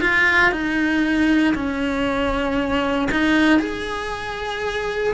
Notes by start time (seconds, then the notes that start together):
0.00 F4
0.52 D#4
1.54 C#4
3.11 D#4
3.59 G#4